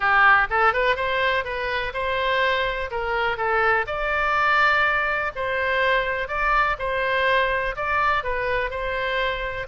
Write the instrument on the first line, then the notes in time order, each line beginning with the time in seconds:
oboe
0.00 G4
0.50 A4
0.73 B4
0.96 C5
1.44 B4
1.93 C5
2.90 A#4
3.37 A4
3.86 D5
5.35 C5
6.28 D5
6.79 C5
7.76 D5
8.23 B4
8.70 C5